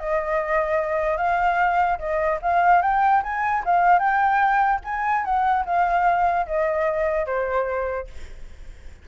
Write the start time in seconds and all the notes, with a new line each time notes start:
0.00 D#5
1.17 F5
1.99 D#5
2.42 F5
2.82 G5
3.23 G#5
3.66 F5
3.99 G5
4.85 G#5
5.25 F#5
5.66 F5
6.47 D#5
7.27 C5